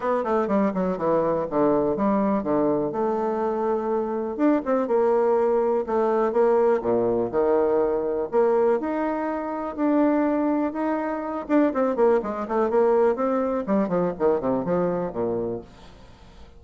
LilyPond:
\new Staff \with { instrumentName = "bassoon" } { \time 4/4 \tempo 4 = 123 b8 a8 g8 fis8 e4 d4 | g4 d4 a2~ | a4 d'8 c'8 ais2 | a4 ais4 ais,4 dis4~ |
dis4 ais4 dis'2 | d'2 dis'4. d'8 | c'8 ais8 gis8 a8 ais4 c'4 | g8 f8 dis8 c8 f4 ais,4 | }